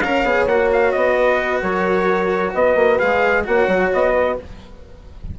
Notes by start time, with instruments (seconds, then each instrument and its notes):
0.00 bassoon C#4, cello A#4, horn C#5, trumpet F5
0.24 bassoon B3, cello G#4
0.46 bassoon A#3, cello F#4, trumpet F#5
0.72 trumpet F5
0.92 bassoon B3, trumpet D#5
1.15 horn B4
1.62 bassoon F#3, horn A#4, trumpet C#5
2.54 bassoon B3, horn B4, trumpet D#5
2.75 bassoon A#3
2.99 bassoon G#3, cello G#4, trumpet F5
3.44 bassoon A#3, cello F#4, horn C#5, trumpet F#5
3.67 bassoon F#3
3.93 bassoon B3, trumpet D#5
4.12 horn B4